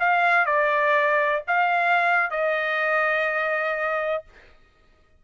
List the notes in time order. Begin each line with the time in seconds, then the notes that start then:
0.00 F5
0.46 D5
1.47 F5
2.31 D#5